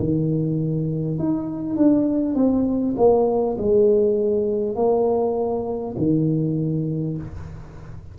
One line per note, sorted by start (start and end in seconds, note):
0.00 1.19 D#3
1.19 1.77 D#4
1.77 2.36 D4
2.36 2.96 C4
2.98 3.58 A#3
3.58 4.76 G#3
4.76 5.96 A#3
5.98 7.18 D#3